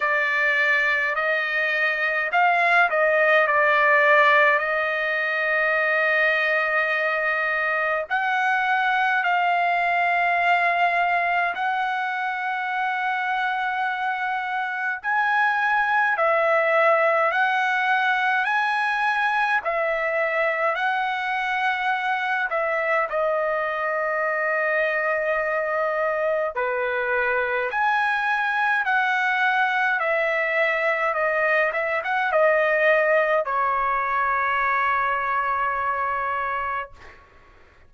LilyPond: \new Staff \with { instrumentName = "trumpet" } { \time 4/4 \tempo 4 = 52 d''4 dis''4 f''8 dis''8 d''4 | dis''2. fis''4 | f''2 fis''2~ | fis''4 gis''4 e''4 fis''4 |
gis''4 e''4 fis''4. e''8 | dis''2. b'4 | gis''4 fis''4 e''4 dis''8 e''16 fis''16 | dis''4 cis''2. | }